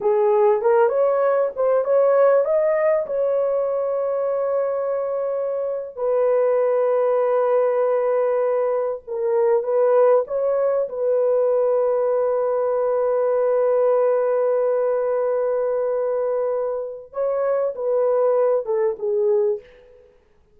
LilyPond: \new Staff \with { instrumentName = "horn" } { \time 4/4 \tempo 4 = 98 gis'4 ais'8 cis''4 c''8 cis''4 | dis''4 cis''2.~ | cis''4.~ cis''16 b'2~ b'16~ | b'2~ b'8. ais'4 b'16~ |
b'8. cis''4 b'2~ b'16~ | b'1~ | b'1 | cis''4 b'4. a'8 gis'4 | }